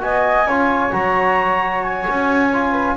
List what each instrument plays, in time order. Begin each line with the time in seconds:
0.00 double bass B3, trombone F#4, flute D#5, clarinet G#5
0.45 double bass C#4, trombone F4, flute C#5
0.91 double bass F#3, trombone F#4, clarinet A#5
1.84 clarinet G#5
2.09 double bass C#4
2.53 trombone F4
2.71 flute B4